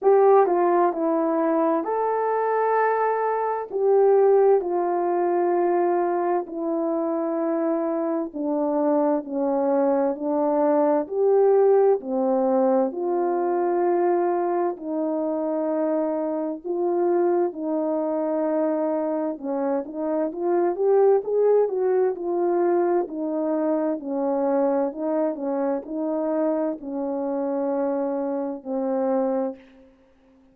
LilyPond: \new Staff \with { instrumentName = "horn" } { \time 4/4 \tempo 4 = 65 g'8 f'8 e'4 a'2 | g'4 f'2 e'4~ | e'4 d'4 cis'4 d'4 | g'4 c'4 f'2 |
dis'2 f'4 dis'4~ | dis'4 cis'8 dis'8 f'8 g'8 gis'8 fis'8 | f'4 dis'4 cis'4 dis'8 cis'8 | dis'4 cis'2 c'4 | }